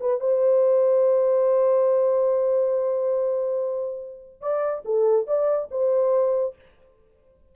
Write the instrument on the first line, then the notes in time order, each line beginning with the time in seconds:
horn
0.00 B4
0.20 C5
4.41 D5
4.85 A4
5.27 D5
5.71 C5